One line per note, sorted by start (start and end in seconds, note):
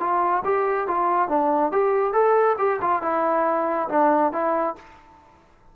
0.00 0.43 F4
0.45 0.88 G4
0.88 1.29 F4
1.29 1.72 D4
1.72 2.13 G4
2.13 2.57 A4
2.58 2.80 G4
2.82 3.03 F4
3.03 3.89 E4
3.89 4.33 D4
4.33 4.76 E4